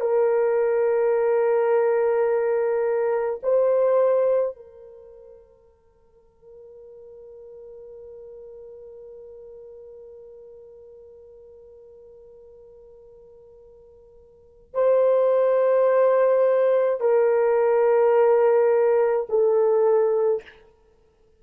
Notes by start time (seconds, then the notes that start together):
0.00 A#4
3.43 C5
4.56 A#4
14.74 C5
17.00 A#4
19.29 A4